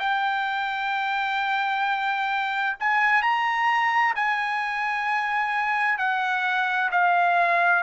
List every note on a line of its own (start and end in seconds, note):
0.00 2.77 G5
2.80 3.23 G#5
3.23 4.15 A#5
4.16 5.98 G#5
5.98 6.91 F#5
6.92 7.84 F5